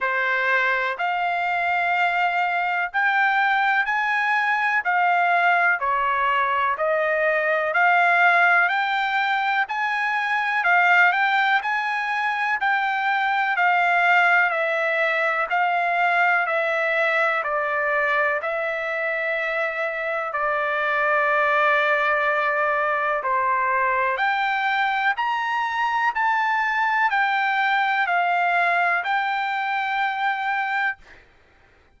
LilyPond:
\new Staff \with { instrumentName = "trumpet" } { \time 4/4 \tempo 4 = 62 c''4 f''2 g''4 | gis''4 f''4 cis''4 dis''4 | f''4 g''4 gis''4 f''8 g''8 | gis''4 g''4 f''4 e''4 |
f''4 e''4 d''4 e''4~ | e''4 d''2. | c''4 g''4 ais''4 a''4 | g''4 f''4 g''2 | }